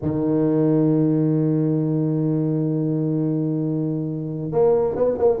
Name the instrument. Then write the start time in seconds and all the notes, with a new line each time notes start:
tuba
0.02 D#3
4.51 A#3
4.95 B3
5.18 A#3